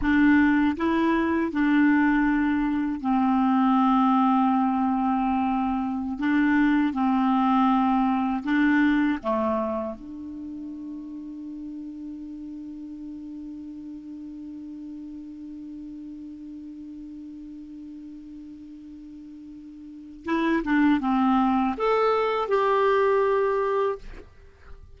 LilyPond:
\new Staff \with { instrumentName = "clarinet" } { \time 4/4 \tempo 4 = 80 d'4 e'4 d'2 | c'1~ | c'16 d'4 c'2 d'8.~ | d'16 a4 d'2~ d'8.~ |
d'1~ | d'1~ | d'2. e'8 d'8 | c'4 a'4 g'2 | }